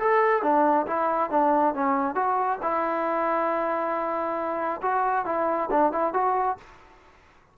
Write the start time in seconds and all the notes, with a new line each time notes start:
0.00 A4
0.43 D4
0.87 E4
1.31 D4
1.75 C#4
2.15 F#4
2.63 E4
4.83 F#4
5.26 E4
5.71 D4
5.93 E4
6.14 F#4